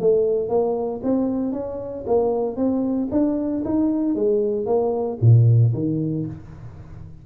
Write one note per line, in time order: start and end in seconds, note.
0.00 0.49 A3
0.49 1.01 A#3
1.03 1.52 C4
1.52 2.05 C#4
2.07 2.56 A#3
2.56 3.09 C4
3.11 3.63 D4
3.65 4.15 D#4
4.15 4.66 G#3
4.66 5.18 A#3
5.21 5.73 A#2
5.74 6.26 D#3